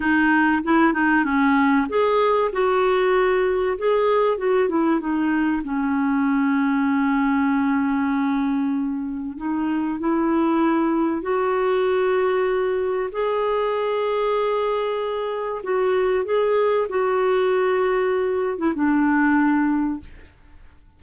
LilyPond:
\new Staff \with { instrumentName = "clarinet" } { \time 4/4 \tempo 4 = 96 dis'4 e'8 dis'8 cis'4 gis'4 | fis'2 gis'4 fis'8 e'8 | dis'4 cis'2.~ | cis'2. dis'4 |
e'2 fis'2~ | fis'4 gis'2.~ | gis'4 fis'4 gis'4 fis'4~ | fis'4.~ fis'16 e'16 d'2 | }